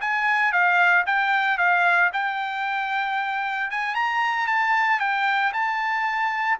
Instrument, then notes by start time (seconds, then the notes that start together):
trumpet
0.00 G#5
0.52 F5
1.06 G5
1.57 F5
2.12 G5
3.70 G#5
3.94 A#5
4.47 A5
4.99 G5
5.52 A5